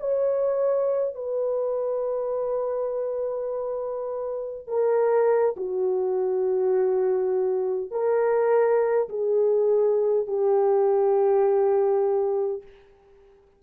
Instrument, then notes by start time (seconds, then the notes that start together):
horn
0.00 C#5
1.15 B4
4.67 A#4
5.56 F#4
7.91 A#4
9.09 G#4
10.27 G4